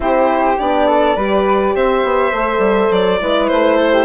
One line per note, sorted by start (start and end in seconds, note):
0.00 0.57 C4
0.00 0.57 E4
0.00 0.87 G4
0.00 0.59 C5
0.59 1.16 B3
0.59 1.17 D4
0.59 1.75 D5
0.87 1.15 A4
1.15 1.74 G3
1.15 2.33 G4
1.15 1.74 B4
1.75 2.04 C4
1.75 3.21 C5
1.75 2.92 E5
2.04 2.32 B3
2.32 2.58 A3
2.32 3.20 A4
2.58 2.87 G3
2.91 3.20 F#3
2.91 3.47 D5
3.20 3.50 G#3
3.20 4.05 E4
3.20 3.76 B4
3.47 4.05 A3
3.47 4.05 C5
3.76 3.91 A4
3.92 4.05 G4